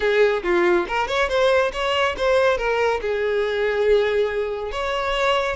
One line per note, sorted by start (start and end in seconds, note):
0.00 0.42 G#4
0.43 0.86 F4
0.88 1.07 A#4
1.07 1.28 C#5
1.28 1.71 C5
1.72 2.15 C#5
2.17 2.57 C5
2.57 3.00 A#4
3.01 4.71 G#4
4.71 5.56 C#5